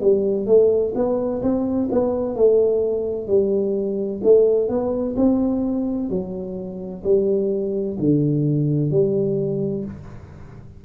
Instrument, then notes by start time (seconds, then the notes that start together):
tuba
0.00 G3
0.46 A3
0.95 B3
1.42 C4
1.91 B3
2.35 A3
3.27 G3
4.23 A3
4.68 B3
5.16 C4
6.09 F#3
7.04 G3
7.99 D3
8.91 G3